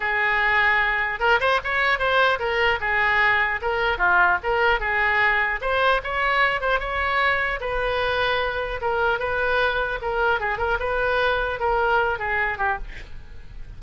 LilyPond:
\new Staff \with { instrumentName = "oboe" } { \time 4/4 \tempo 4 = 150 gis'2. ais'8 c''8 | cis''4 c''4 ais'4 gis'4~ | gis'4 ais'4 f'4 ais'4 | gis'2 c''4 cis''4~ |
cis''8 c''8 cis''2 b'4~ | b'2 ais'4 b'4~ | b'4 ais'4 gis'8 ais'8 b'4~ | b'4 ais'4. gis'4 g'8 | }